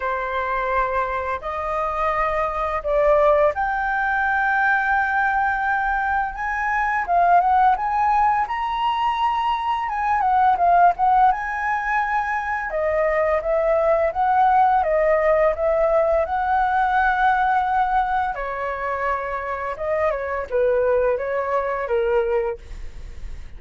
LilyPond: \new Staff \with { instrumentName = "flute" } { \time 4/4 \tempo 4 = 85 c''2 dis''2 | d''4 g''2.~ | g''4 gis''4 f''8 fis''8 gis''4 | ais''2 gis''8 fis''8 f''8 fis''8 |
gis''2 dis''4 e''4 | fis''4 dis''4 e''4 fis''4~ | fis''2 cis''2 | dis''8 cis''8 b'4 cis''4 ais'4 | }